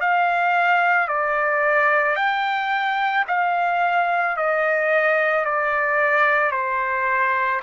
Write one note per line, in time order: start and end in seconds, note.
0.00 1.08 F5
1.08 2.16 D5
2.16 3.25 G5
3.27 4.36 F5
4.36 5.44 D#5
5.44 6.51 D5
6.51 7.60 C5